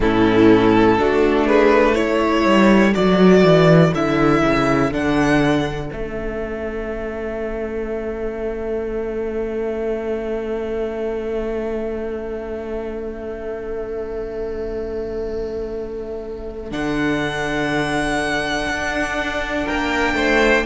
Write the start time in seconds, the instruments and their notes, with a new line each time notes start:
0.00 cello A2, viola C#4, violin E4 A4
0.98 cello A3, viola D4, violin F#4
1.46 violin G#4 B4
1.94 viola E4, violin A4 C#5
2.44 cello G3
2.93 cello F#3, viola F#4, violin D5
3.43 cello E3
3.94 cello D3, viola E4, violin E5
4.42 cello C#3
4.91 cello D3, viola D4, violin F#5
5.89 cello A3, viola C#4, violin E5
16.71 cello D3, viola D4, violin F#5
18.68 cello D4
19.65 cello A#3, violin A#4 G5
20.14 cello A3, violin C5